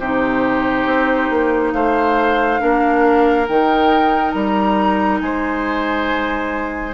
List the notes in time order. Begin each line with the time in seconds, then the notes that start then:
0.00 C3 D#4 G4 C5
0.86 C4
1.30 A#3
1.73 A3 C5 F5
2.60 A#3 D4 A#4
3.48 D#3 D#4 G5
4.32 G3 A#5
5.21 G#3 C5 G#5